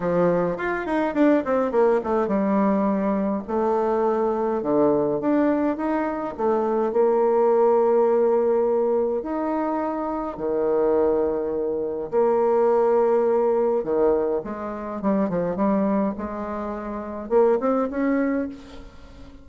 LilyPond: \new Staff \with { instrumentName = "bassoon" } { \time 4/4 \tempo 4 = 104 f4 f'8 dis'8 d'8 c'8 ais8 a8 | g2 a2 | d4 d'4 dis'4 a4 | ais1 |
dis'2 dis2~ | dis4 ais2. | dis4 gis4 g8 f8 g4 | gis2 ais8 c'8 cis'4 | }